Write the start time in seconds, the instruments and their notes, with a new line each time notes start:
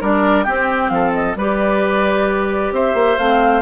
0.00 bassoon G3, clarinet D4, oboe A#4, flute D5
0.44 clarinet C4, bassoon C4, oboe G4, flute G5
0.89 bassoon F3, oboe A4, flute F5
1.13 flute D#5
1.35 bassoon G3, clarinet G4, oboe B4, flute D5
2.71 bassoon C4, oboe C5, flute E5
2.94 bassoon A#3
3.17 bassoon A3, clarinet C4, flute F5